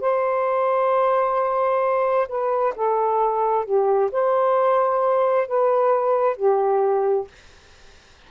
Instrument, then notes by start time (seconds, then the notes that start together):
saxophone
0.00 C5
2.28 B4
2.76 A4
3.65 G4
4.12 C5
5.48 B4
6.36 G4